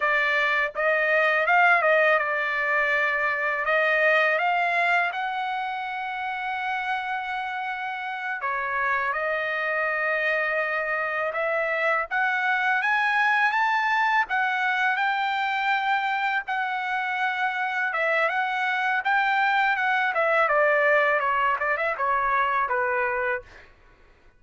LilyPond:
\new Staff \with { instrumentName = "trumpet" } { \time 4/4 \tempo 4 = 82 d''4 dis''4 f''8 dis''8 d''4~ | d''4 dis''4 f''4 fis''4~ | fis''2.~ fis''8 cis''8~ | cis''8 dis''2. e''8~ |
e''8 fis''4 gis''4 a''4 fis''8~ | fis''8 g''2 fis''4.~ | fis''8 e''8 fis''4 g''4 fis''8 e''8 | d''4 cis''8 d''16 e''16 cis''4 b'4 | }